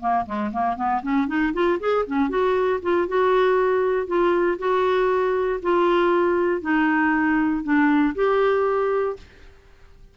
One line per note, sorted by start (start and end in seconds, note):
0.00 0.25 A#3
0.25 0.51 G#3
0.53 0.76 A#3
0.76 1.01 B3
1.02 1.27 C#4
1.27 1.53 D#4
1.53 1.79 F4
1.80 2.05 G#4
2.06 2.29 C#4
2.29 2.80 F#4
2.82 3.07 F4
3.07 4.07 F#4
4.07 4.58 F4
4.59 5.60 F#4
5.62 6.61 F4
6.61 7.63 D#4
7.63 8.14 D4
8.15 9.16 G4